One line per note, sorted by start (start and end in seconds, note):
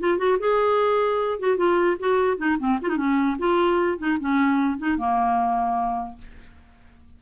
0.00 0.18 F4
0.18 0.38 F#4
0.39 1.39 G#4
1.40 1.57 F#4
1.57 1.97 F4
2.00 2.38 F#4
2.38 2.58 D#4
2.59 2.79 C4
2.82 2.89 F4
2.89 2.97 D#4
2.97 3.37 C#4
3.39 3.98 F4
3.98 4.18 D#4
4.20 4.79 C#4
4.79 4.98 D#4
4.98 6.18 A#3